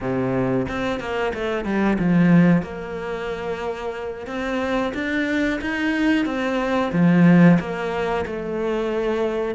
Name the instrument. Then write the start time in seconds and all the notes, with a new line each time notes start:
cello
0.00 C3
0.68 C4
1.00 A#3
1.34 A3
1.64 G3
1.98 F3
2.62 A#3
4.26 C4
4.94 D4
5.61 D#4
6.25 C4
6.92 F3
7.59 A#3
8.25 A3